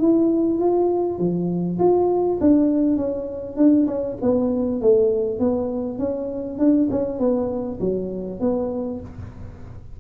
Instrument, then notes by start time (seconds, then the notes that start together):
tuba
0.00 E4
0.59 F4
1.19 F3
1.79 F4
2.41 D4
2.97 C#4
3.56 D4
3.87 C#4
4.22 B3
4.81 A3
5.39 B3
5.99 C#4
6.59 D4
6.91 C#4
7.19 B3
7.80 F#3
8.41 B3